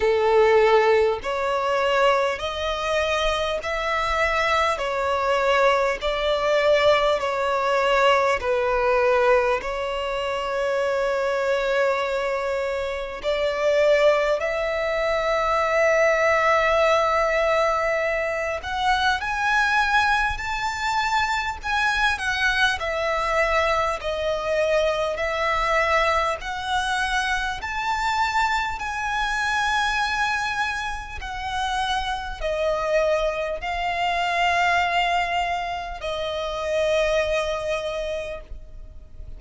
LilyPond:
\new Staff \with { instrumentName = "violin" } { \time 4/4 \tempo 4 = 50 a'4 cis''4 dis''4 e''4 | cis''4 d''4 cis''4 b'4 | cis''2. d''4 | e''2.~ e''8 fis''8 |
gis''4 a''4 gis''8 fis''8 e''4 | dis''4 e''4 fis''4 a''4 | gis''2 fis''4 dis''4 | f''2 dis''2 | }